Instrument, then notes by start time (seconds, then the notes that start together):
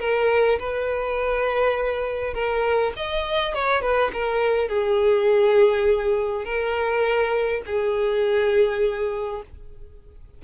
violin
0.00 A#4
0.59 B4
2.34 A#4
2.96 D#5
3.54 C#5
3.82 B4
4.13 A#4
4.68 G#4
6.45 A#4
7.66 G#4